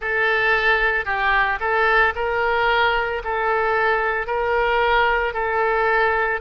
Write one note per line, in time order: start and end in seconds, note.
0.01 1.05 A4
1.05 1.58 G4
1.60 2.13 A4
2.15 3.22 A#4
3.23 4.27 A4
4.27 5.33 A#4
5.33 6.40 A4